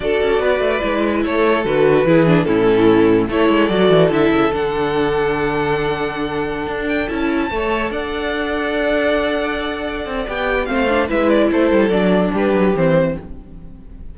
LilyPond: <<
  \new Staff \with { instrumentName = "violin" } { \time 4/4 \tempo 4 = 146 d''2. cis''4 | b'2 a'2 | cis''4 d''4 e''4 fis''4~ | fis''1~ |
fis''8. g''8 a''2 fis''8.~ | fis''1~ | fis''4 g''4 f''4 e''8 d''8 | c''4 d''4 b'4 c''4 | }
  \new Staff \with { instrumentName = "violin" } { \time 4/4 a'4 b'2 a'4~ | a'4 gis'4 e'2 | a'1~ | a'1~ |
a'2~ a'16 cis''4 d''8.~ | d''1~ | d''2 c''4 b'4 | a'2 g'2 | }
  \new Staff \with { instrumentName = "viola" } { \time 4/4 fis'2 e'2 | fis'4 e'8 d'8 cis'2 | e'4 fis'4 e'4 d'4~ | d'1~ |
d'4~ d'16 e'4 a'4.~ a'16~ | a'1~ | a'4 g'4 c'8 d'8 e'4~ | e'4 d'2 c'4 | }
  \new Staff \with { instrumentName = "cello" } { \time 4/4 d'8 cis'8 b8 a8 gis4 a4 | d4 e4 a,2 | a8 gis8 fis8 e8 d8 cis8 d4~ | d1~ |
d16 d'4 cis'4 a4 d'8.~ | d'1~ | d'8 c'8 b4 a4 gis4 | a8 g8 fis4 g8 fis8 e4 | }
>>